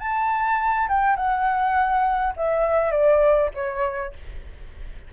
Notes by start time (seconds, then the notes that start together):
0.00 A5
0.89 G5
1.16 F#5
2.37 E5
2.92 D5
3.55 C#5